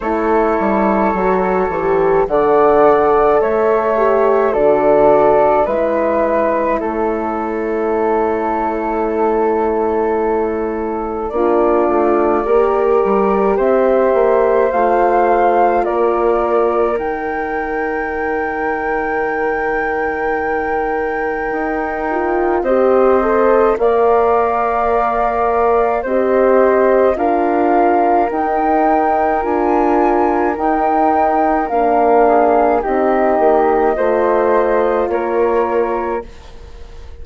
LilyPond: <<
  \new Staff \with { instrumentName = "flute" } { \time 4/4 \tempo 4 = 53 cis''2 fis''4 e''4 | d''4 e''4 cis''2~ | cis''2 d''2 | e''4 f''4 d''4 g''4~ |
g''1 | dis''4 f''2 dis''4 | f''4 g''4 gis''4 g''4 | f''4 dis''2 cis''4 | }
  \new Staff \with { instrumentName = "flute" } { \time 4/4 a'2 d''4 cis''4 | a'4 b'4 a'2~ | a'2 f'4 ais'4 | c''2 ais'2~ |
ais'1 | c''4 d''2 c''4 | ais'1~ | ais'8 gis'8 g'4 c''4 ais'4 | }
  \new Staff \with { instrumentName = "horn" } { \time 4/4 e'4 fis'8 g'8 a'4. g'8 | fis'4 e'2.~ | e'2 d'4 g'4~ | g'4 f'2 dis'4~ |
dis'2.~ dis'8 f'8 | g'8 a'8 ais'2 g'4 | f'4 dis'4 f'4 dis'4 | d'4 dis'4 f'2 | }
  \new Staff \with { instrumentName = "bassoon" } { \time 4/4 a8 g8 fis8 e8 d4 a4 | d4 gis4 a2~ | a2 ais8 a8 ais8 g8 | c'8 ais8 a4 ais4 dis4~ |
dis2. dis'4 | c'4 ais2 c'4 | d'4 dis'4 d'4 dis'4 | ais4 c'8 ais8 a4 ais4 | }
>>